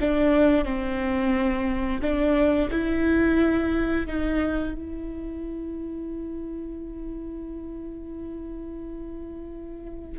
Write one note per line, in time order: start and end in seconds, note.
0.00 0.65 D4
0.65 2.01 C4
2.01 2.70 D4
2.71 4.07 E4
4.07 4.75 D#4
4.75 10.18 E4